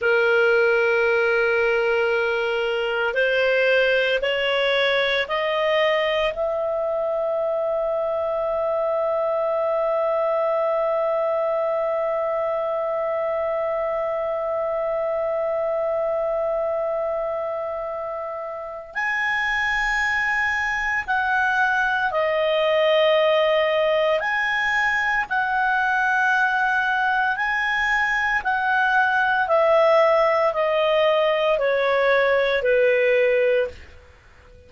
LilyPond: \new Staff \with { instrumentName = "clarinet" } { \time 4/4 \tempo 4 = 57 ais'2. c''4 | cis''4 dis''4 e''2~ | e''1~ | e''1~ |
e''2 gis''2 | fis''4 dis''2 gis''4 | fis''2 gis''4 fis''4 | e''4 dis''4 cis''4 b'4 | }